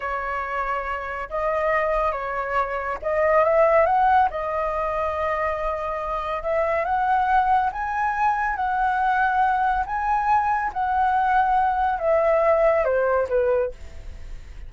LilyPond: \new Staff \with { instrumentName = "flute" } { \time 4/4 \tempo 4 = 140 cis''2. dis''4~ | dis''4 cis''2 dis''4 | e''4 fis''4 dis''2~ | dis''2. e''4 |
fis''2 gis''2 | fis''2. gis''4~ | gis''4 fis''2. | e''2 c''4 b'4 | }